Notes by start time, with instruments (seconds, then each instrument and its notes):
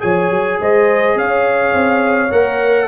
0.00 tuba F3, trombone G#4, horn C#5, trumpet G#5
0.30 tuba F#3
0.61 tuba G#3, horn C5, trumpet D#5
1.16 tuba C#4, horn C#5, trumpet F5
1.74 tuba C4
2.32 tuba A#3, trombone A#4, trumpet F#5